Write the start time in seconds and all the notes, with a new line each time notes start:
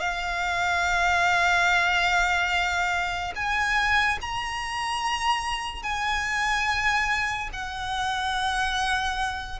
0.00 F5
3.36 G#5
4.21 A#5
5.83 G#5
7.53 F#5